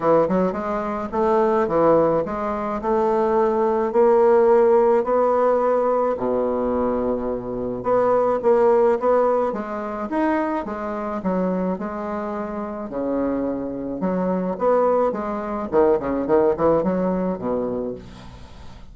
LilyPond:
\new Staff \with { instrumentName = "bassoon" } { \time 4/4 \tempo 4 = 107 e8 fis8 gis4 a4 e4 | gis4 a2 ais4~ | ais4 b2 b,4~ | b,2 b4 ais4 |
b4 gis4 dis'4 gis4 | fis4 gis2 cis4~ | cis4 fis4 b4 gis4 | dis8 cis8 dis8 e8 fis4 b,4 | }